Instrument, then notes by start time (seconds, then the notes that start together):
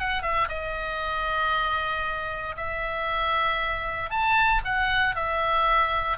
oboe
0.00 F#5
0.23 E5
0.49 D#5
2.57 E5
4.11 A5
4.65 F#5
5.16 E5